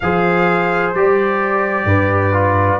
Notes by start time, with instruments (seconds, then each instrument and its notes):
0.00 tuba F3, trombone G#4, horn C5, trumpet F5
0.93 tuba G3, trombone G4, trumpet D5
1.85 tuba G2, horn B4
2.32 trombone F4